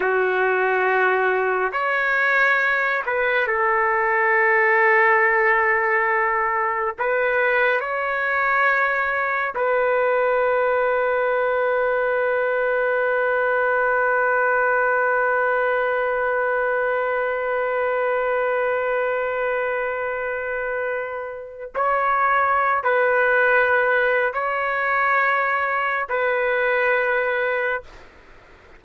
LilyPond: \new Staff \with { instrumentName = "trumpet" } { \time 4/4 \tempo 4 = 69 fis'2 cis''4. b'8 | a'1 | b'4 cis''2 b'4~ | b'1~ |
b'1~ | b'1~ | b'4 cis''4~ cis''16 b'4.~ b'16 | cis''2 b'2 | }